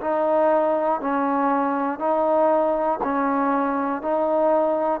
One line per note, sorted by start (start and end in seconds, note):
0.00 1.00 D#4
1.00 1.99 C#4
1.99 2.99 D#4
3.03 4.02 C#4
4.02 5.00 D#4